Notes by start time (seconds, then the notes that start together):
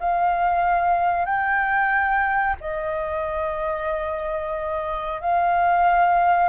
0.00 F5
1.26 G5
2.61 D#5
5.21 F5